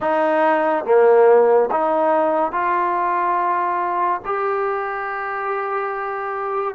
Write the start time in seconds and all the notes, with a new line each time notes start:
0.00 D#4
0.85 A#3
1.71 D#4
2.52 F4
4.25 G4